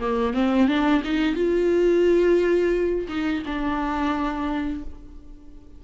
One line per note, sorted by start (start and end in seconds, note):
0.00 0.34 A#3
0.34 0.68 C4
0.68 1.03 D4
1.04 1.35 D#4
1.35 3.08 F4
3.08 3.43 D#4
3.46 4.84 D4